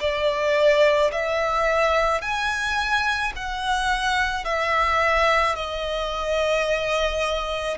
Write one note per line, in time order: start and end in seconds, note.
0.00 1.11 D5
1.12 2.21 E5
2.21 3.32 G#5
3.36 4.44 F#5
4.44 5.56 E5
5.56 7.78 D#5